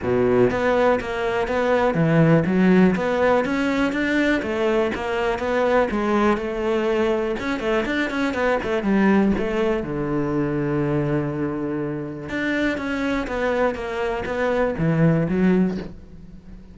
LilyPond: \new Staff \with { instrumentName = "cello" } { \time 4/4 \tempo 4 = 122 b,4 b4 ais4 b4 | e4 fis4 b4 cis'4 | d'4 a4 ais4 b4 | gis4 a2 cis'8 a8 |
d'8 cis'8 b8 a8 g4 a4 | d1~ | d4 d'4 cis'4 b4 | ais4 b4 e4 fis4 | }